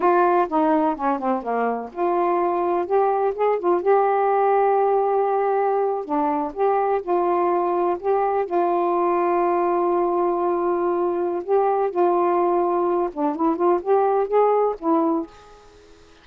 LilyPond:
\new Staff \with { instrumentName = "saxophone" } { \time 4/4 \tempo 4 = 126 f'4 dis'4 cis'8 c'8 ais4 | f'2 g'4 gis'8 f'8 | g'1~ | g'8. d'4 g'4 f'4~ f'16~ |
f'8. g'4 f'2~ f'16~ | f'1 | g'4 f'2~ f'8 d'8 | e'8 f'8 g'4 gis'4 e'4 | }